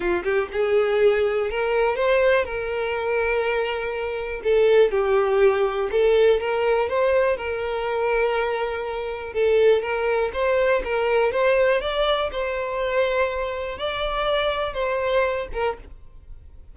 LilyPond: \new Staff \with { instrumentName = "violin" } { \time 4/4 \tempo 4 = 122 f'8 g'8 gis'2 ais'4 | c''4 ais'2.~ | ais'4 a'4 g'2 | a'4 ais'4 c''4 ais'4~ |
ais'2. a'4 | ais'4 c''4 ais'4 c''4 | d''4 c''2. | d''2 c''4. ais'8 | }